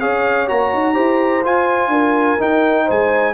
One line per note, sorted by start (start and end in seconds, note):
0.00 0.50 C#4
0.00 0.48 G#4
0.00 0.95 C#5
0.00 0.48 F5
0.48 0.74 A#3
0.48 0.95 F#4
0.48 1.45 A#5
0.74 0.97 D#4
0.95 1.46 E4
0.95 1.43 G4
0.95 1.91 C5
1.45 2.39 F4
1.45 1.88 F4
1.45 2.42 G#5
1.88 2.36 D4
1.88 2.86 A#4
2.39 3.35 D#4
2.39 2.89 D#4
2.39 2.90 G5
2.86 3.35 G#3
2.86 3.34 C5
2.86 3.35 G#5